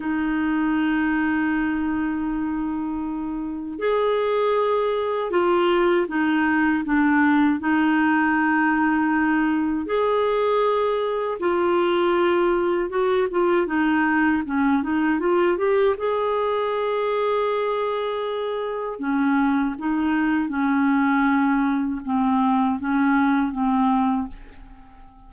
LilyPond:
\new Staff \with { instrumentName = "clarinet" } { \time 4/4 \tempo 4 = 79 dis'1~ | dis'4 gis'2 f'4 | dis'4 d'4 dis'2~ | dis'4 gis'2 f'4~ |
f'4 fis'8 f'8 dis'4 cis'8 dis'8 | f'8 g'8 gis'2.~ | gis'4 cis'4 dis'4 cis'4~ | cis'4 c'4 cis'4 c'4 | }